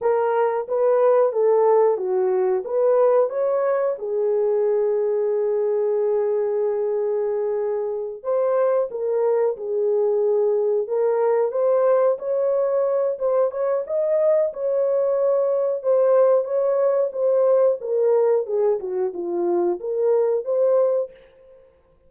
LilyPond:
\new Staff \with { instrumentName = "horn" } { \time 4/4 \tempo 4 = 91 ais'4 b'4 a'4 fis'4 | b'4 cis''4 gis'2~ | gis'1~ | gis'8 c''4 ais'4 gis'4.~ |
gis'8 ais'4 c''4 cis''4. | c''8 cis''8 dis''4 cis''2 | c''4 cis''4 c''4 ais'4 | gis'8 fis'8 f'4 ais'4 c''4 | }